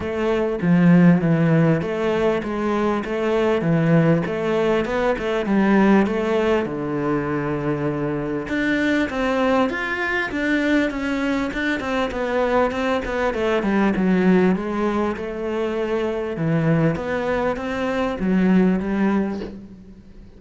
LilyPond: \new Staff \with { instrumentName = "cello" } { \time 4/4 \tempo 4 = 99 a4 f4 e4 a4 | gis4 a4 e4 a4 | b8 a8 g4 a4 d4~ | d2 d'4 c'4 |
f'4 d'4 cis'4 d'8 c'8 | b4 c'8 b8 a8 g8 fis4 | gis4 a2 e4 | b4 c'4 fis4 g4 | }